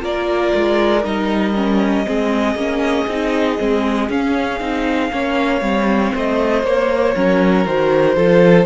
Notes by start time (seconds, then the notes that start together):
0.00 A#3 F4 A#4 D5
0.54 G#3
1.03 G3 D#4 D#5
1.55 C#4
2.06 G#3 C4 G#4
2.54 A#3 C#4
3.07 C4 D#4
3.58 G#3 C4
4.09 C#4 F5
4.60 C4 D#4
5.12 A#3 C#4 C#5
5.61 G3 C4
6.13 A3 C5 D#5
6.63 A#3 C#5
7.15 F#3 C#4 A#4
7.65 D#3 F#4 C5
8.15 F3 F4 A4